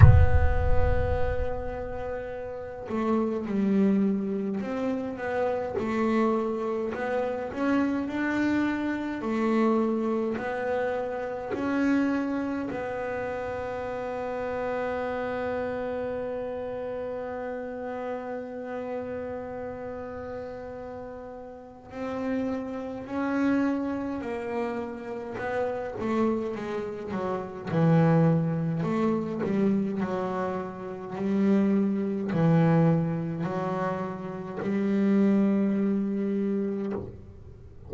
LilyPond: \new Staff \with { instrumentName = "double bass" } { \time 4/4 \tempo 4 = 52 b2~ b8 a8 g4 | c'8 b8 a4 b8 cis'8 d'4 | a4 b4 cis'4 b4~ | b1~ |
b2. c'4 | cis'4 ais4 b8 a8 gis8 fis8 | e4 a8 g8 fis4 g4 | e4 fis4 g2 | }